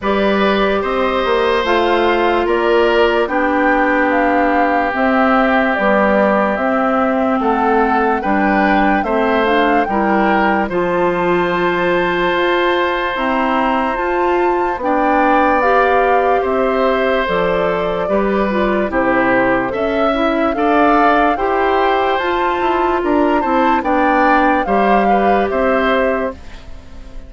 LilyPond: <<
  \new Staff \with { instrumentName = "flute" } { \time 4/4 \tempo 4 = 73 d''4 dis''4 f''4 d''4 | g''4 f''4 e''4 d''4 | e''4 fis''4 g''4 e''8 f''8 | g''4 a''2. |
ais''4 a''4 g''4 f''4 | e''4 d''2 c''4 | e''4 f''4 g''4 a''4 | ais''8 a''8 g''4 f''4 e''4 | }
  \new Staff \with { instrumentName = "oboe" } { \time 4/4 b'4 c''2 ais'4 | g'1~ | g'4 a'4 b'4 c''4 | ais'4 c''2.~ |
c''2 d''2 | c''2 b'4 g'4 | e''4 d''4 c''2 | ais'8 c''8 d''4 c''8 b'8 c''4 | }
  \new Staff \with { instrumentName = "clarinet" } { \time 4/4 g'2 f'2 | d'2 c'4 g4 | c'2 d'4 c'8 d'8 | e'4 f'2. |
c'4 f'4 d'4 g'4~ | g'4 a'4 g'8 f'8 e'4 | a'8 e'8 a'4 g'4 f'4~ | f'8 e'8 d'4 g'2 | }
  \new Staff \with { instrumentName = "bassoon" } { \time 4/4 g4 c'8 ais8 a4 ais4 | b2 c'4 b4 | c'4 a4 g4 a4 | g4 f2 f'4 |
e'4 f'4 b2 | c'4 f4 g4 c4 | cis'4 d'4 e'4 f'8 e'8 | d'8 c'8 b4 g4 c'4 | }
>>